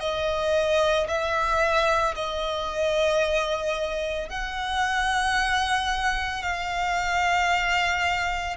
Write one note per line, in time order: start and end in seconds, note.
0.00 1.07 D#5
1.08 2.15 E5
2.15 4.29 D#5
4.29 6.42 F#5
6.42 8.57 F5